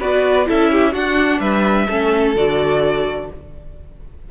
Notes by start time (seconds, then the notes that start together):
0.00 B3 F#4 B4 D5
0.46 C#4 E4 A4 E5
0.72 G4
0.93 D4 F#4 F#5
1.40 G3 B4 E5
1.87 A3 C#4 A4
2.36 D3 F#4 D5